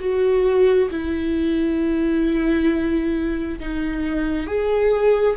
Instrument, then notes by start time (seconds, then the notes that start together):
viola
0.00 F#4
0.91 E4
3.60 D#4
4.47 G#4